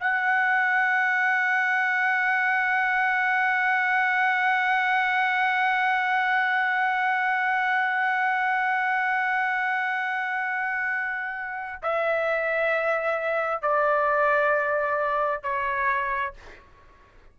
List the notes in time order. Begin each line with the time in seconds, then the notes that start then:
0.00 F#5
11.83 E5
13.62 D5
15.43 C#5